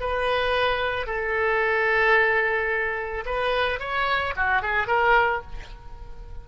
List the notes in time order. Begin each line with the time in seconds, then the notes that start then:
0.00 B4
1.06 A4
3.26 B4
3.80 C#5
4.36 F#4
4.62 G#4
4.87 A#4